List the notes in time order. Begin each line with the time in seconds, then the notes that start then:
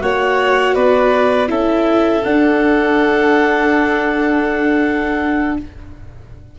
0.00 A#3 F#4 C#5 F#5
0.74 B3 B4 D5
1.47 C#4 E4 A4 E5
2.23 D4 F#5